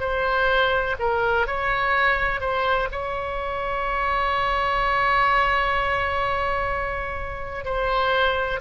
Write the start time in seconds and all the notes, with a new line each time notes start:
0.00 C5
1.00 A#4
1.47 C#5
2.41 C5
2.92 C#5
7.65 C5